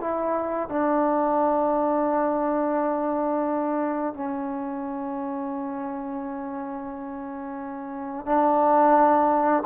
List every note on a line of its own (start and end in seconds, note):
0.00 0.69 E4
0.69 4.13 D4
4.13 8.25 C#4
8.25 9.63 D4